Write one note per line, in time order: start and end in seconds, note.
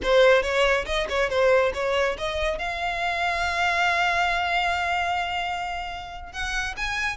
0.02 0.42 C5
0.42 0.85 C#5
0.85 1.07 D#5
1.09 1.29 C#5
1.29 1.72 C5
1.74 2.16 C#5
2.17 2.58 D#5
2.58 6.32 F5
6.32 6.75 F#5
6.76 7.16 G#5